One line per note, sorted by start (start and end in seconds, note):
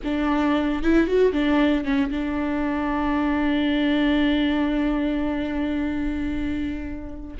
0.04 0.83 D4
0.83 1.07 E4
1.07 1.32 F#4
1.32 1.84 D4
1.84 2.10 C#4
2.11 7.37 D4